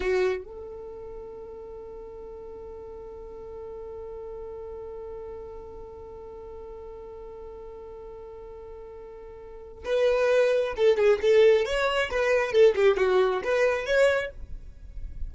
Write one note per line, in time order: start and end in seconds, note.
0.00 0.44 F#4
0.44 9.84 A4
9.84 10.74 B4
10.76 10.97 A4
10.97 11.19 G#4
11.21 11.65 A4
11.65 12.10 C#5
12.10 12.52 B4
12.52 12.74 A4
12.75 12.97 G4
12.97 13.42 F#4
13.43 13.85 B4
13.85 14.30 C#5